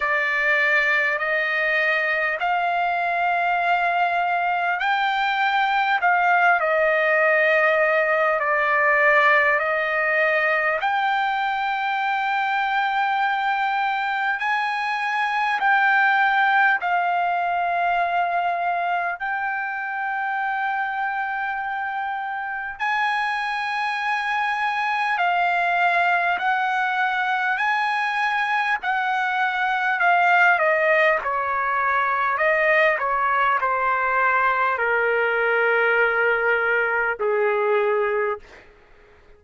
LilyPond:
\new Staff \with { instrumentName = "trumpet" } { \time 4/4 \tempo 4 = 50 d''4 dis''4 f''2 | g''4 f''8 dis''4. d''4 | dis''4 g''2. | gis''4 g''4 f''2 |
g''2. gis''4~ | gis''4 f''4 fis''4 gis''4 | fis''4 f''8 dis''8 cis''4 dis''8 cis''8 | c''4 ais'2 gis'4 | }